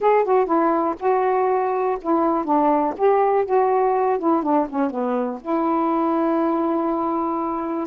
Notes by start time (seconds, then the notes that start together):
0.00 G#4
0.24 F#4
0.45 E4
0.99 F#4
2.01 E4
2.44 D4
2.97 G4
3.45 F#4
4.18 E4
4.42 D4
4.69 C#4
4.90 B3
5.41 E4